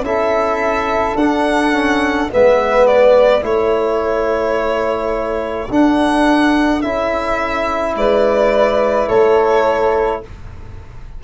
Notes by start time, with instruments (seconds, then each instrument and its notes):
0.00 tuba C#4, trombone E4, flute A4, violin E5
1.15 tuba D4, trombone D4, violin F#5
1.72 trombone C#4
2.29 tuba G#3, trombone B3, flute B4, violin E5
2.86 violin D5
3.41 tuba A3, trombone E4, flute A4, violin C#5
5.69 tuba D4, trombone D4, violin F#5
6.81 tuba C#4, trombone E4, violin E5
7.95 tuba G#3, flute B4, violin D5
9.08 tuba A3, flute A4, violin C#5